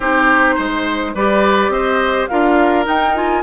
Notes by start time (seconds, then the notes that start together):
0.00 C4 D#4 G4 C5
0.55 G#3 C5
1.14 G3 G4 B4 D5
1.69 C4 C5 D#5
2.27 D4 F4 A#4 F5
2.85 D#4 G5
3.14 F4 G#5